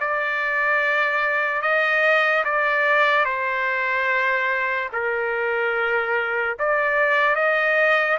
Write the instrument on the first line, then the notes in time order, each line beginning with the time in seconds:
trumpet
0.00 D5
1.62 D#5
2.45 D5
3.25 C5
4.92 A#4
6.59 D5
7.36 D#5